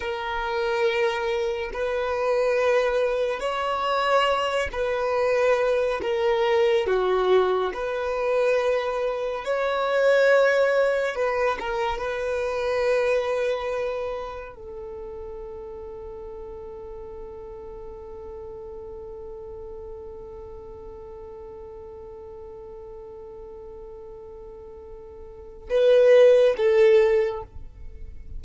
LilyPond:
\new Staff \with { instrumentName = "violin" } { \time 4/4 \tempo 4 = 70 ais'2 b'2 | cis''4. b'4. ais'4 | fis'4 b'2 cis''4~ | cis''4 b'8 ais'8 b'2~ |
b'4 a'2.~ | a'1~ | a'1~ | a'2 b'4 a'4 | }